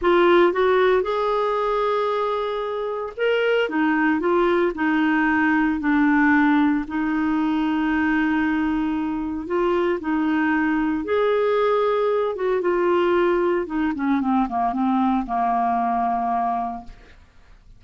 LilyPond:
\new Staff \with { instrumentName = "clarinet" } { \time 4/4 \tempo 4 = 114 f'4 fis'4 gis'2~ | gis'2 ais'4 dis'4 | f'4 dis'2 d'4~ | d'4 dis'2.~ |
dis'2 f'4 dis'4~ | dis'4 gis'2~ gis'8 fis'8 | f'2 dis'8 cis'8 c'8 ais8 | c'4 ais2. | }